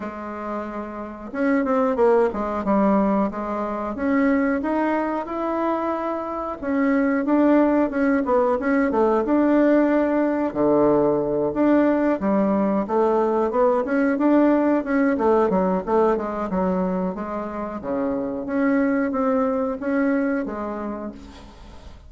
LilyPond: \new Staff \with { instrumentName = "bassoon" } { \time 4/4 \tempo 4 = 91 gis2 cis'8 c'8 ais8 gis8 | g4 gis4 cis'4 dis'4 | e'2 cis'4 d'4 | cis'8 b8 cis'8 a8 d'2 |
d4. d'4 g4 a8~ | a8 b8 cis'8 d'4 cis'8 a8 fis8 | a8 gis8 fis4 gis4 cis4 | cis'4 c'4 cis'4 gis4 | }